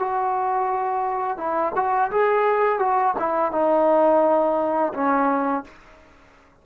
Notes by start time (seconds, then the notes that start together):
0.00 F#4
1.38 E4
1.76 F#4
2.11 G#4
2.79 F#4
3.20 E4
3.52 D#4
4.94 C#4